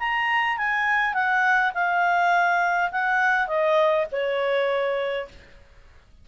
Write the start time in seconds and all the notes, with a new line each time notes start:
0.00 A#5
0.58 G#5
1.14 F#5
1.74 F5
2.92 F#5
3.48 D#5
4.12 C#5